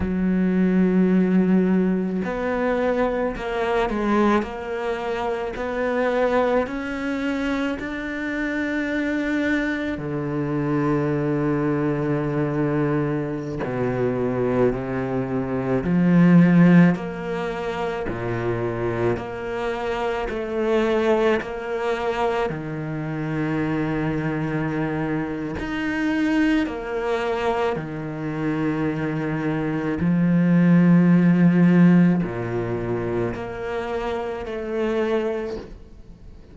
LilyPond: \new Staff \with { instrumentName = "cello" } { \time 4/4 \tempo 4 = 54 fis2 b4 ais8 gis8 | ais4 b4 cis'4 d'4~ | d'4 d2.~ | d16 b,4 c4 f4 ais8.~ |
ais16 ais,4 ais4 a4 ais8.~ | ais16 dis2~ dis8. dis'4 | ais4 dis2 f4~ | f4 ais,4 ais4 a4 | }